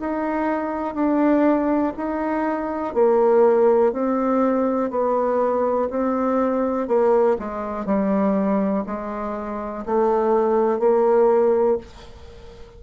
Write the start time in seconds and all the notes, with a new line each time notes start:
0.00 D#4
0.95 D4
1.97 D#4
2.95 A#3
3.93 C4
4.91 B3
5.90 C4
6.88 A#3
7.39 G#3
7.86 G3
8.87 G#3
9.86 A3
10.79 A#3